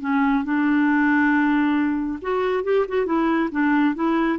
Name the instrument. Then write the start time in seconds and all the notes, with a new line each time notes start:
clarinet
0.00 C#4
0.44 D4
2.22 F#4
2.64 G4
2.88 F#4
3.06 E4
3.51 D4
3.95 E4